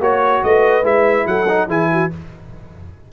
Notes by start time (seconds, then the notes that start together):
0.00 A#3 F#4 C#5
0.44 A3 B4 D#5
0.83 G#3 E4 E5
1.27 F#3 A4 F#5
1.49 D#4
1.68 E3 E4 G#4 G#5
1.92 F#4